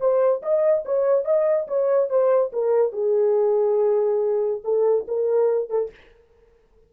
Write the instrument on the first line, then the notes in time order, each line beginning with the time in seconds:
horn
0.00 C5
0.42 D#5
0.85 C#5
1.25 D#5
1.68 C#5
2.10 C5
2.53 A#4
2.93 G#4
4.64 A4
5.08 A#4
5.70 A4